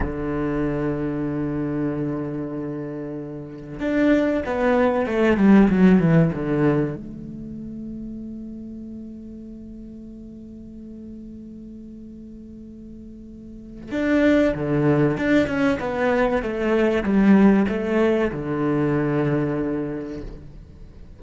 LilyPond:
\new Staff \with { instrumentName = "cello" } { \time 4/4 \tempo 4 = 95 d1~ | d2 d'4 b4 | a8 g8 fis8 e8 d4 a4~ | a1~ |
a1~ | a2 d'4 d4 | d'8 cis'8 b4 a4 g4 | a4 d2. | }